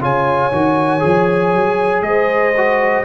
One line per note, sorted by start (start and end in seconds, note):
0.00 0.51 C#3
0.00 0.52 F4
0.00 2.06 C#5
0.00 2.03 G#5
0.52 1.03 D#3
0.52 1.00 F#4
1.00 1.55 F3
1.00 2.53 G#4
1.55 2.02 F#3
2.02 3.03 G#3
2.02 3.06 C5
2.02 3.05 D#5
2.57 3.06 F#4